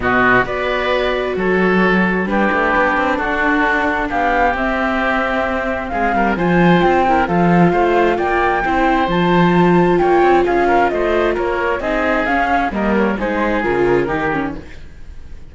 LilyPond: <<
  \new Staff \with { instrumentName = "flute" } { \time 4/4 \tempo 4 = 132 dis''4 d''2 cis''4~ | cis''4 b'2 a'4~ | a'4 f''4 e''2~ | e''4 f''4 gis''4 g''4 |
f''2 g''2 | a''2 g''4 f''4 | dis''4 cis''4 dis''4 f''4 | dis''8 cis''8 c''4 ais'2 | }
  \new Staff \with { instrumentName = "oboe" } { \time 4/4 fis'4 b'2 a'4~ | a'4 g'2 fis'4~ | fis'4 g'2.~ | g'4 gis'8 ais'8 c''4. ais'8 |
a'4 c''4 d''4 c''4~ | c''2 cis''4 gis'8 ais'8 | c''4 ais'4 gis'2 | ais'4 gis'2 g'4 | }
  \new Staff \with { instrumentName = "viola" } { \time 4/4 b4 fis'2.~ | fis'4 d'2.~ | d'2 c'2~ | c'2 f'4. e'8 |
f'2. e'4 | f'1~ | f'2 dis'4 cis'4 | ais4 dis'4 f'4 dis'8 cis'8 | }
  \new Staff \with { instrumentName = "cello" } { \time 4/4 b,4 b2 fis4~ | fis4 g8 a8 b8 c'8 d'4~ | d'4 b4 c'2~ | c'4 gis8 g8 f4 c'4 |
f4 a4 ais4 c'4 | f2 ais8 c'8 cis'4 | a4 ais4 c'4 cis'4 | g4 gis4 cis4 dis4 | }
>>